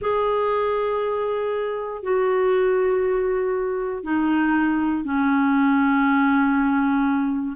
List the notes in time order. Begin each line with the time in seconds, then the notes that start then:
0.01 G#4
2.03 F#4
4.03 D#4
5.04 C#4